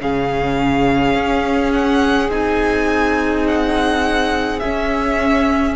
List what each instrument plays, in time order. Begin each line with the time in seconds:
0.00 cello C#3, viola C#4, violin G#4 F5
1.15 cello C#4
1.73 violin F#5
2.30 cello C4, viola D#4, violin G#5
3.47 violin F#5
4.60 viola C#4, cello C#4, violin E5